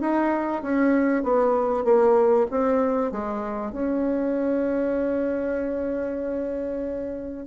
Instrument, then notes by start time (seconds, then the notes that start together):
bassoon
0.00 D#4
0.62 C#4
1.23 B3
1.84 A#3
2.51 C4
3.12 G#3
3.72 C#4